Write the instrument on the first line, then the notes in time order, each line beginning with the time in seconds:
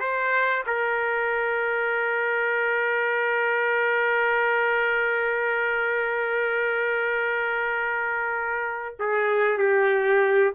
trumpet
0.00 C5
0.66 A#4
8.99 G#4
9.58 G4